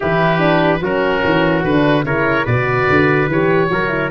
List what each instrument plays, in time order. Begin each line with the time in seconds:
0.00 tuba E3, horn E4, trumpet G4, oboe B4
0.39 horn D4
0.80 tuba F#3, horn C#4, trumpet F#4, oboe A#4
1.24 tuba E3
1.63 tuba D3, horn D4, oboe B4
2.04 tuba C#3, horn E4, trumpet A#4, oboe C#5
2.45 tuba B2, horn F#4, trumpet B4, oboe D5
2.89 tuba D3
3.28 tuba E3, horn G4, oboe C#5
3.69 tuba F#3, horn F#4, trumpet A#4
3.88 horn E4